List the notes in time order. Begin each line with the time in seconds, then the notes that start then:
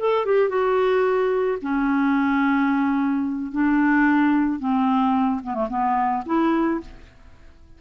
0.00 A4
0.26 G4
0.49 F#4
1.62 C#4
3.52 D4
4.60 C4
5.44 B3
5.55 A3
5.70 B3
6.26 E4